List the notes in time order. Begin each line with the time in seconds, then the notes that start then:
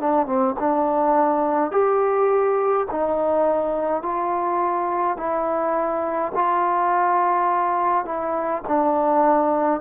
0.00 D4
0.26 C4
0.59 D4
1.71 G4
2.91 D#4
4.02 F4
5.17 E4
6.35 F4
8.05 E4
8.67 D4